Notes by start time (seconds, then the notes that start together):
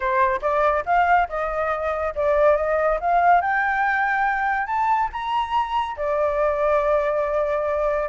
0.00 C5
0.41 D5
0.85 F5
1.28 D#5
2.15 D5
2.56 D#5
3.00 F5
3.41 G5
4.66 A5
5.12 A#5
5.96 D5